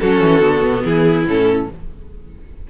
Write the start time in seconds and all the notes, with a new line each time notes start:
0.00 F#3 C#4 F#4 A4
0.21 E3
0.41 D3 B3
0.63 B2
0.84 E3 E4 G#4
1.26 A2 C#4 A4